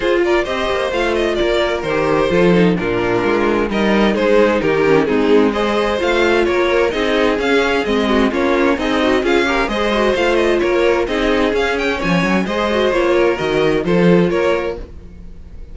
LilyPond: <<
  \new Staff \with { instrumentName = "violin" } { \time 4/4 \tempo 4 = 130 c''8 d''8 dis''4 f''8 dis''8 d''4 | c''2 ais'2 | dis''4 c''4 ais'4 gis'4 | dis''4 f''4 cis''4 dis''4 |
f''4 dis''4 cis''4 dis''4 | f''4 dis''4 f''8 dis''8 cis''4 | dis''4 f''8 g''8 gis''4 dis''4 | cis''4 dis''4 c''4 cis''4 | }
  \new Staff \with { instrumentName = "violin" } { \time 4/4 gis'8 ais'8 c''2 ais'4~ | ais'4 a'4 f'2 | ais'4 gis'4 g'4 dis'4 | c''2 ais'4 gis'4~ |
gis'4. fis'8 f'4 dis'4 | gis'8 ais'8 c''2 ais'4 | gis'2 cis''4 c''4~ | c''8 ais'4. a'4 ais'4 | }
  \new Staff \with { instrumentName = "viola" } { \time 4/4 f'4 g'4 f'2 | g'4 f'8 dis'8 d'2 | dis'2~ dis'8 cis'8 c'4 | gis'4 f'2 dis'4 |
cis'4 c'4 cis'4 gis'8 fis'8 | f'8 g'8 gis'8 fis'8 f'2 | dis'4 cis'2 gis'8 fis'8 | f'4 fis'4 f'2 | }
  \new Staff \with { instrumentName = "cello" } { \time 4/4 f'4 c'8 ais8 a4 ais4 | dis4 f4 ais,4 gis4 | g4 gis4 dis4 gis4~ | gis4 a4 ais4 c'4 |
cis'4 gis4 ais4 c'4 | cis'4 gis4 a4 ais4 | c'4 cis'4 f8 fis8 gis4 | ais4 dis4 f4 ais4 | }
>>